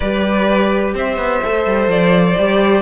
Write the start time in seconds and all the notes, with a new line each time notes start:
0.00 G3 G4 B4 D5
0.94 C4 C5 E5
1.16 B3
1.42 A3 A4
1.65 G3
1.87 F3 D5
2.37 G3 G4